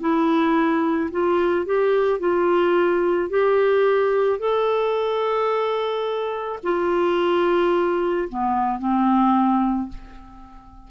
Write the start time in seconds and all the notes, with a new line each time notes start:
0.00 E4
1.11 F4
1.66 G4
2.20 F4
3.29 G4
4.39 A4
6.63 F4
8.29 B3
8.79 C4